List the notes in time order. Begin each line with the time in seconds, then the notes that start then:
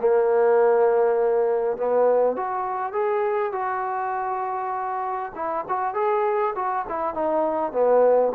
0.00 A#3
1.77 B3
2.36 F#4
2.93 G#4
3.53 F#4
5.35 E4
5.69 F#4
5.94 G#4
6.56 F#4
6.89 E4
7.15 D#4
7.72 B3